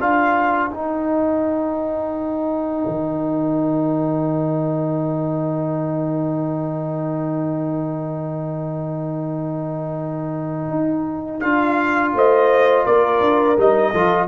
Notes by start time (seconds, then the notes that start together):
0.00 D4 F4 A#4 F5
0.71 D#4 G5
2.87 D#3
10.70 D#4
11.40 D4 F4 F5
12.14 A3 C5 D#5
12.85 A#3 A#4 D5
13.20 D4
13.57 G3 D#4 D#5
13.92 F3 F4 A4